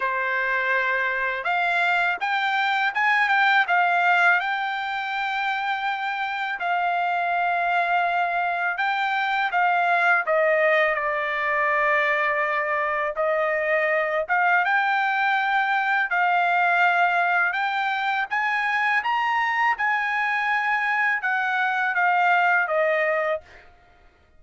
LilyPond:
\new Staff \with { instrumentName = "trumpet" } { \time 4/4 \tempo 4 = 82 c''2 f''4 g''4 | gis''8 g''8 f''4 g''2~ | g''4 f''2. | g''4 f''4 dis''4 d''4~ |
d''2 dis''4. f''8 | g''2 f''2 | g''4 gis''4 ais''4 gis''4~ | gis''4 fis''4 f''4 dis''4 | }